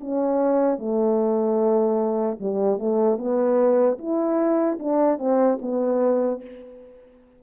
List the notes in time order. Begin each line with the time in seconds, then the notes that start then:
0.00 C#4
0.78 A3
2.40 G3
2.78 A3
3.17 B3
3.98 E4
4.79 D4
5.18 C4
5.61 B3